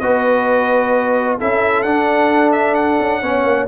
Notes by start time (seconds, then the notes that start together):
0.00 B3 F#4 B4 D#5
1.38 C#4 E4 A4 E5
1.83 D4 F#5
2.52 E5
2.74 F#5
3.00 C#4
3.22 B3 C#4 C#5
3.44 A#3